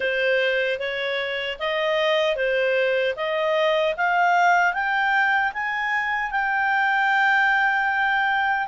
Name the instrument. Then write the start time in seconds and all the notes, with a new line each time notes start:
clarinet
0.00 C5
0.79 C#5
1.59 D#5
2.35 C5
3.16 D#5
3.97 F5
4.73 G5
5.53 G#5
6.31 G5